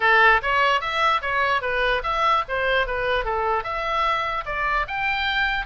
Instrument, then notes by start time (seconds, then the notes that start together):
oboe
0.00 A4
0.42 C#5
0.80 E5
1.21 C#5
1.61 B4
2.03 E5
2.48 C5
2.86 B4
3.24 A4
3.63 E5
4.45 D5
4.87 G5